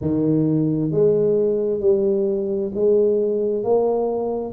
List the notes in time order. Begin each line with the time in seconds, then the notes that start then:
0.01 D#3
0.91 G#3
1.80 G3
2.74 G#3
3.63 A#3